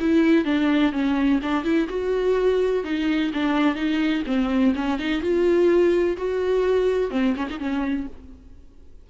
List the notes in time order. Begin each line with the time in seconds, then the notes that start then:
0.00 E4
0.45 D4
0.93 C#4
1.43 D4
1.64 E4
1.89 F#4
2.84 D#4
3.34 D4
3.75 D#4
4.26 C4
4.75 C#4
4.99 D#4
5.22 F4
6.17 F#4
7.11 C4
7.36 C#4
7.50 D#4
7.59 C#4